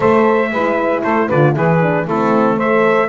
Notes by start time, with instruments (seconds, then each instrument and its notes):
0.00 double bass A3, horn A4, saxophone C5, trumpet E5
0.50 double bass G#3, horn E4, saxophone B4
1.02 double bass A3, saxophone A4, trumpet C5
1.27 double bass D3, horn F4, saxophone B4, trumpet D5
1.53 double bass E3, horn E4, saxophone G#4, trumpet B4
1.82 horn D4
2.04 double bass A3, horn C4, saxophone E4, trumpet A4
2.56 horn A4, saxophone C5, trumpet E5